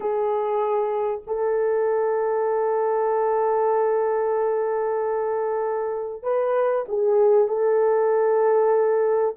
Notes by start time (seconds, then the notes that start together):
0.00 G#4
1.26 A4
6.22 B4
6.88 G#4
7.48 A4